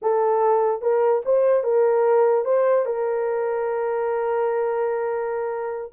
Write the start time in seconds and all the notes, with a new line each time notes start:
0.01 A4
0.81 A#4
1.25 C5
1.63 A#4
2.45 C5
2.85 A#4